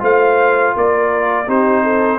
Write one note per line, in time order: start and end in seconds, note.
0.00 0.75 A3
0.00 1.46 F4
0.00 0.74 C5
0.00 0.77 F5
0.76 1.48 A#3
0.76 1.48 A#4
0.76 1.50 D5
1.47 2.20 C4
1.47 2.20 D#4
1.47 1.84 G4
1.47 2.20 C5
1.84 2.20 A4